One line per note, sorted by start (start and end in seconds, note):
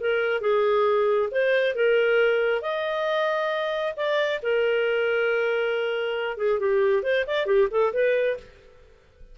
0.00 0.41 A#4
0.41 1.29 G#4
1.31 1.75 C5
1.75 2.62 A#4
2.62 3.94 D#5
3.97 4.41 D5
4.43 6.37 A#4
6.37 6.60 G#4
6.60 7.03 G4
7.03 7.25 C5
7.27 7.46 D5
7.46 7.68 G4
7.71 7.93 A4
7.93 8.37 B4